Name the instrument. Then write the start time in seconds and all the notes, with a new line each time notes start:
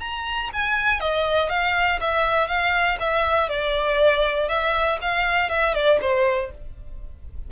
violin
0.00 A#5
0.53 G#5
1.00 D#5
1.50 F5
2.01 E5
2.48 F5
3.00 E5
3.49 D5
4.49 E5
5.02 F5
5.50 E5
5.75 D5
6.01 C5